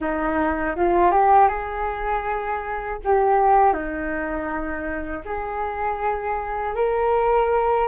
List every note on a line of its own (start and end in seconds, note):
0.00 0.75 D#4
0.76 1.11 F4
1.11 1.48 G4
1.48 2.98 G#4
3.04 3.73 G4
3.73 5.23 D#4
5.25 6.75 G#4
6.75 7.87 A#4